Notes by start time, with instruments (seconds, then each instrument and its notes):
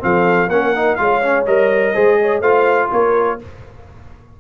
0.00 tuba F3, trombone C4, horn A4, trumpet F5
0.48 tuba A#3, trombone C#4, horn A#4, trumpet F#5
0.76 trombone D#4
0.96 tuba G#3, trombone F4, horn C#5, trumpet F5
1.22 trombone C#4
1.46 tuba G3, trombone A#4, trumpet D#5
1.94 tuba G#3, trombone G#4, horn C5
2.21 horn C#5
2.41 tuba A3, trombone F4, horn C5, trumpet F5
2.92 tuba A#3, horn A#4, trumpet C#5